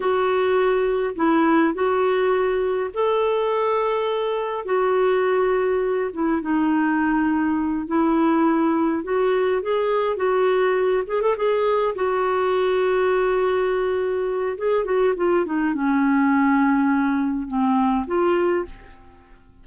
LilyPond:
\new Staff \with { instrumentName = "clarinet" } { \time 4/4 \tempo 4 = 103 fis'2 e'4 fis'4~ | fis'4 a'2. | fis'2~ fis'8 e'8 dis'4~ | dis'4. e'2 fis'8~ |
fis'8 gis'4 fis'4. gis'16 a'16 gis'8~ | gis'8 fis'2.~ fis'8~ | fis'4 gis'8 fis'8 f'8 dis'8 cis'4~ | cis'2 c'4 f'4 | }